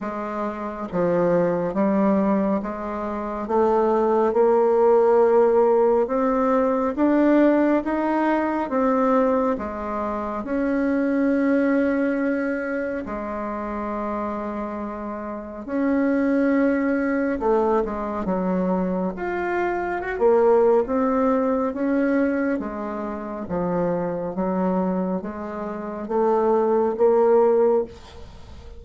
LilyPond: \new Staff \with { instrumentName = "bassoon" } { \time 4/4 \tempo 4 = 69 gis4 f4 g4 gis4 | a4 ais2 c'4 | d'4 dis'4 c'4 gis4 | cis'2. gis4~ |
gis2 cis'2 | a8 gis8 fis4 f'4 fis'16 ais8. | c'4 cis'4 gis4 f4 | fis4 gis4 a4 ais4 | }